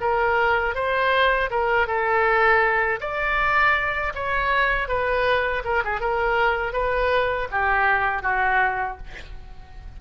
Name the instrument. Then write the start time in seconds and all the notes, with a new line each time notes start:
oboe
0.00 A#4
0.74 C5
1.50 A#4
1.87 A4
3.00 D5
4.15 C#5
4.88 B4
5.64 A#4
5.84 G#4
6.00 A#4
6.73 B4
7.51 G4
8.22 F#4